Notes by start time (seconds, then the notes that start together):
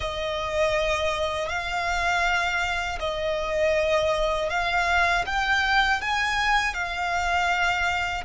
0.00 D#5
1.48 F5
2.99 D#5
4.49 F5
5.26 G5
6.01 G#5
6.74 F5